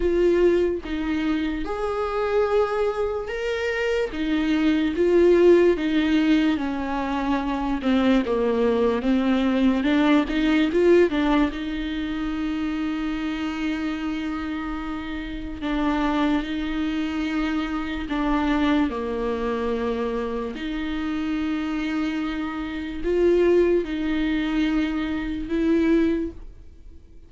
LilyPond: \new Staff \with { instrumentName = "viola" } { \time 4/4 \tempo 4 = 73 f'4 dis'4 gis'2 | ais'4 dis'4 f'4 dis'4 | cis'4. c'8 ais4 c'4 | d'8 dis'8 f'8 d'8 dis'2~ |
dis'2. d'4 | dis'2 d'4 ais4~ | ais4 dis'2. | f'4 dis'2 e'4 | }